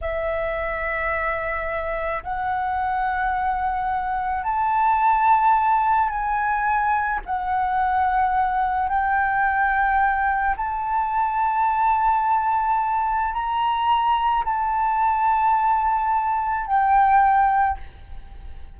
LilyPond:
\new Staff \with { instrumentName = "flute" } { \time 4/4 \tempo 4 = 108 e''1 | fis''1 | a''2. gis''4~ | gis''4 fis''2. |
g''2. a''4~ | a''1 | ais''2 a''2~ | a''2 g''2 | }